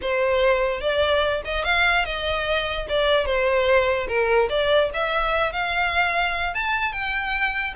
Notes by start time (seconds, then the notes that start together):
0.01 C5
0.80 D5
1.44 D#5
1.64 F5
2.05 D#5
2.88 D5
3.25 C5
4.08 A#4
4.49 D5
4.93 E5
5.52 F5
6.54 A5
6.92 G5